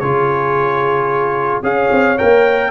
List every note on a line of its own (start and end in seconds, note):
0.00 1.63 C#3
0.00 1.63 F4
0.00 1.65 G#4
0.00 1.62 C#5
1.63 1.90 C#4
1.63 2.17 G#4
1.63 2.71 C#5
1.63 2.18 F5
1.92 2.19 C4
2.18 2.71 A#3
2.18 2.71 A#4
2.18 2.71 G5